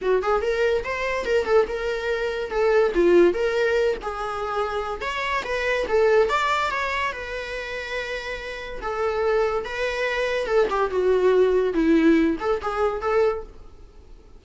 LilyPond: \new Staff \with { instrumentName = "viola" } { \time 4/4 \tempo 4 = 143 fis'8 gis'8 ais'4 c''4 ais'8 a'8 | ais'2 a'4 f'4 | ais'4. gis'2~ gis'8 | cis''4 b'4 a'4 d''4 |
cis''4 b'2.~ | b'4 a'2 b'4~ | b'4 a'8 g'8 fis'2 | e'4. a'8 gis'4 a'4 | }